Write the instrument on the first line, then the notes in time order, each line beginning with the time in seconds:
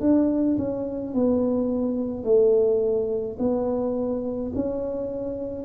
tuba
0.00 D4
0.58 C#4
1.14 B3
2.24 A3
3.39 B3
4.55 C#4